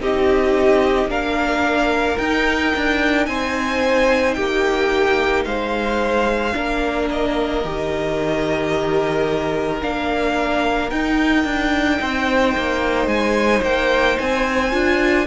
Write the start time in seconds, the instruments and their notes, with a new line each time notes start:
0.00 cello C4, viola D#4, violin G4 D#5
1.08 cello A#3, viola D4, violin A#4 F5
2.18 cello D#4, viola D#4, violin G5
2.77 cello D4
3.27 cello C4, violin C5 G#5
4.34 cello A#3, violin G4 G5
5.45 cello G#3, violin C5 F5
6.53 cello A#3, viola D4, violin A#4
7.10 violin D#5
7.64 cello D#3, viola G4
9.82 cello A#3, viola D4, violin F5
10.90 cello D#4, viola D#4, violin G5
11.45 cello D4
12.00 cello C4, violin C5
12.57 cello A#3
13.07 cello G#3, violin G#5
13.63 cello A#3, violin G5
14.19 cello C4, violin G#5
14.72 cello D4, viola F4